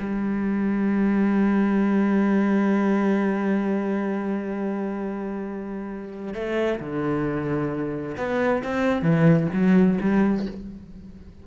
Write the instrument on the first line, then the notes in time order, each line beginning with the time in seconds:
cello
0.00 G3
6.34 A3
6.81 D3
8.18 B3
8.64 C4
9.02 E3
9.54 F#3
10.01 G3